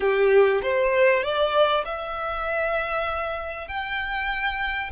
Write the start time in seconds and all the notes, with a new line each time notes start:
0.00 G4
0.62 C5
1.23 D5
1.85 E5
3.67 G5